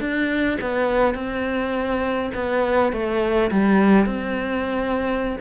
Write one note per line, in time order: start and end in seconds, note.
0.00 0.58 D4
0.61 1.14 B3
1.14 2.31 C4
2.35 2.92 B3
2.92 3.51 A3
3.51 4.06 G3
4.06 5.37 C4